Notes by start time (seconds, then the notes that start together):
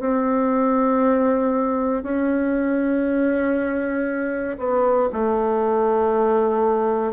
0.00 C4
2.03 C#4
4.59 B3
5.13 A3